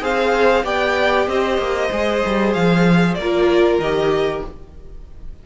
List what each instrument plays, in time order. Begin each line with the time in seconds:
0.00 cello C4, viola G#4, violin C5 F5
0.63 cello B3, viola G4, violin D5 G5
1.26 cello C4, violin C5 D#5
1.57 cello A#3
1.91 cello G#3, viola G#4
2.25 cello G3
2.53 cello F3, violin F5
3.14 cello A#3, violin A#4 D5
3.21 viola F4
3.78 cello D#3, viola G4, violin D#5